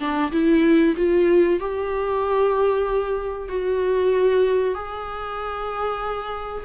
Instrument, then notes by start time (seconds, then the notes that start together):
viola
0.00 D4
0.32 E4
0.97 F4
1.60 G4
3.49 F#4
4.75 G#4